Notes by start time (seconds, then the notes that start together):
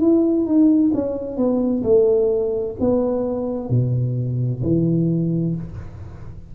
0.00 E4
0.46 D#4
0.94 C#4
1.37 B3
1.84 A3
2.80 B3
3.70 B2
4.63 E3